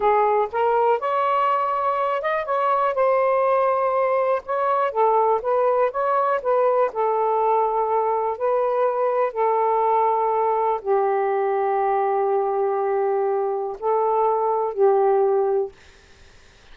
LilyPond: \new Staff \with { instrumentName = "saxophone" } { \time 4/4 \tempo 4 = 122 gis'4 ais'4 cis''2~ | cis''8 dis''8 cis''4 c''2~ | c''4 cis''4 a'4 b'4 | cis''4 b'4 a'2~ |
a'4 b'2 a'4~ | a'2 g'2~ | g'1 | a'2 g'2 | }